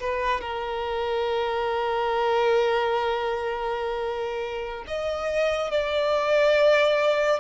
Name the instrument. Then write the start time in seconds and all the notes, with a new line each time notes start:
violin
0.00 B4
0.41 A#4
4.87 D#5
5.71 D5